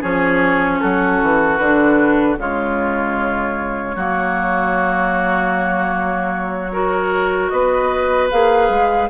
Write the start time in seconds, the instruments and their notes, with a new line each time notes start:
0.00 bassoon F3, clarinet C#4, oboe G#4, flute C#5
0.80 bassoon F#3, oboe F#4, flute A4
1.22 bassoon E3
1.57 bassoon D3, clarinet D4, flute B4
2.37 bassoon C#3, clarinet G#3, oboe F4, flute C#5
3.95 bassoon F#3, clarinet A#3, oboe F#4
6.71 clarinet F#4, oboe A#4
7.49 bassoon B3, oboe B4, flute D#5
8.30 bassoon A#3, clarinet G#4, flute F5
8.69 bassoon G#3